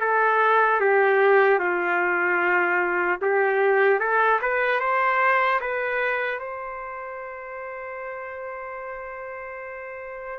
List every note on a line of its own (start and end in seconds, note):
0.00 0.80 A4
0.80 1.59 G4
1.59 3.19 F4
3.21 3.99 G4
3.99 4.39 A4
4.41 4.80 B4
4.80 5.60 C5
5.60 6.39 B4
6.39 10.39 C5